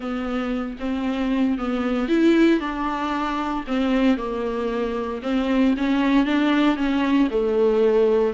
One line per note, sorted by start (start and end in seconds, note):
0.00 0.77 B3
0.79 1.57 C4
1.58 2.08 B3
2.08 2.59 E4
2.59 3.64 D4
3.67 4.17 C4
4.17 5.21 A#3
5.22 5.74 C4
5.77 6.25 C#4
6.25 6.76 D4
6.76 7.28 C#4
7.30 8.33 A3